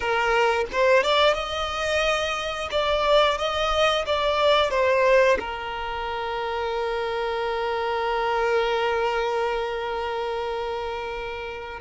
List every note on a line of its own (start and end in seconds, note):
0.00 0.65 A#4
0.72 1.03 C5
1.03 1.34 D5
1.34 2.68 D#5
2.71 3.37 D5
3.37 4.05 D#5
4.05 4.70 D5
4.70 5.37 C5
5.39 11.79 A#4